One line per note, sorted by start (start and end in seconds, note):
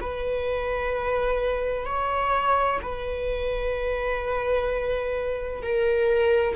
0.00 1.85 B4
1.85 2.79 C#5
2.82 5.62 B4
5.62 6.55 A#4